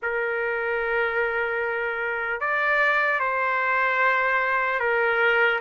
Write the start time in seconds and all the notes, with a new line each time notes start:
0.02 A#4
2.40 D5
3.19 C5
4.79 A#4